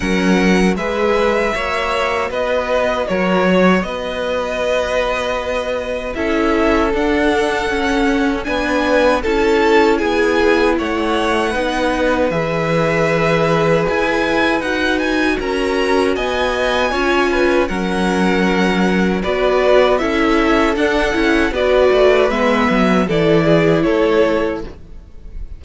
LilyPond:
<<
  \new Staff \with { instrumentName = "violin" } { \time 4/4 \tempo 4 = 78 fis''4 e''2 dis''4 | cis''4 dis''2. | e''4 fis''2 gis''4 | a''4 gis''4 fis''2 |
e''2 gis''4 fis''8 gis''8 | ais''4 gis''2 fis''4~ | fis''4 d''4 e''4 fis''4 | d''4 e''4 d''4 cis''4 | }
  \new Staff \with { instrumentName = "violin" } { \time 4/4 ais'4 b'4 cis''4 b'4 | ais'8 cis''8 b'2. | a'2. b'4 | a'4 gis'4 cis''4 b'4~ |
b'1 | ais'4 dis''4 cis''8 b'8 ais'4~ | ais'4 b'4 a'2 | b'2 a'8 gis'8 a'4 | }
  \new Staff \with { instrumentName = "viola" } { \time 4/4 cis'4 gis'4 fis'2~ | fis'1 | e'4 d'4 cis'4 d'4 | e'2. dis'4 |
gis'2. fis'4~ | fis'2 f'4 cis'4~ | cis'4 fis'4 e'4 d'8 e'8 | fis'4 b4 e'2 | }
  \new Staff \with { instrumentName = "cello" } { \time 4/4 fis4 gis4 ais4 b4 | fis4 b2. | cis'4 d'4 cis'4 b4 | cis'4 b4 a4 b4 |
e2 e'4 dis'4 | cis'4 b4 cis'4 fis4~ | fis4 b4 cis'4 d'8 cis'8 | b8 a8 gis8 fis8 e4 a4 | }
>>